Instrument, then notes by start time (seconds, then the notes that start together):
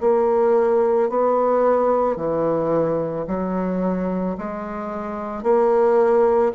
bassoon
0.00 A#3
1.09 B3
2.16 E3
3.27 F#3
4.37 G#3
5.42 A#3